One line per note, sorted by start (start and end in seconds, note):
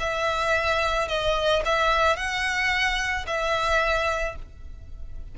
0.00 1.08 E5
1.08 1.63 D#5
1.66 2.17 E5
2.17 3.26 F#5
3.27 4.36 E5